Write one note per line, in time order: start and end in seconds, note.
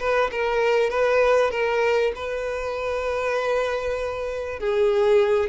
0.00 0.31 B4
0.32 0.90 A#4
0.90 1.51 B4
1.51 2.13 A#4
2.16 4.60 B4
4.60 5.50 G#4